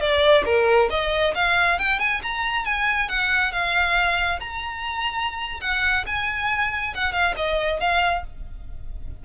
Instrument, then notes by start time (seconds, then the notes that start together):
violin
0.00 D5
0.45 A#4
0.90 D#5
1.35 F5
1.79 G5
1.99 G#5
2.22 A#5
2.65 G#5
3.09 F#5
3.52 F5
4.40 A#5
5.61 F#5
6.06 G#5
6.94 F#5
7.12 F5
7.36 D#5
7.80 F5